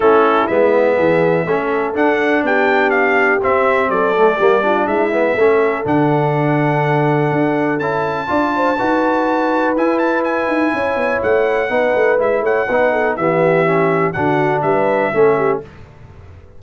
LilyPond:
<<
  \new Staff \with { instrumentName = "trumpet" } { \time 4/4 \tempo 4 = 123 a'4 e''2. | fis''4 g''4 f''4 e''4 | d''2 e''2 | fis''1 |
a''1 | gis''8 a''8 gis''2 fis''4~ | fis''4 e''8 fis''4. e''4~ | e''4 fis''4 e''2 | }
  \new Staff \with { instrumentName = "horn" } { \time 4/4 e'2 gis'4 a'4~ | a'4 g'2. | a'4 g'8 f'8 e'4 a'4~ | a'1~ |
a'4 d''8 c''8 b'2~ | b'2 cis''2 | b'4. cis''8 b'8 a'8 g'4~ | g'4 fis'4 b'4 a'8 g'8 | }
  \new Staff \with { instrumentName = "trombone" } { \time 4/4 cis'4 b2 cis'4 | d'2. c'4~ | c'8 a8 ais8 d'4 b8 cis'4 | d'1 |
e'4 f'4 fis'2 | e'1 | dis'4 e'4 dis'4 b4 | cis'4 d'2 cis'4 | }
  \new Staff \with { instrumentName = "tuba" } { \time 4/4 a4 gis4 e4 a4 | d'4 b2 c'4 | fis4 g4 gis4 a4 | d2. d'4 |
cis'4 d'4 dis'2 | e'4. dis'8 cis'8 b8 a4 | b8 a8 gis8 a8 b4 e4~ | e4 d4 g4 a4 | }
>>